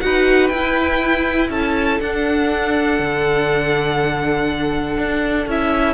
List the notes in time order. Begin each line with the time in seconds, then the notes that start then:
0.00 D#4 F#4 B4 F#5
0.48 E4 G5
1.49 C#4 A4 A5
2.00 D4 F#5
2.99 D3
4.97 D4
5.46 C#4 E4 E5